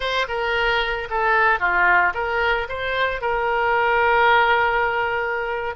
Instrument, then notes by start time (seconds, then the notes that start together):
oboe
0.00 C5
0.28 A#4
1.10 A4
1.59 F4
2.14 A#4
2.68 C5
3.21 A#4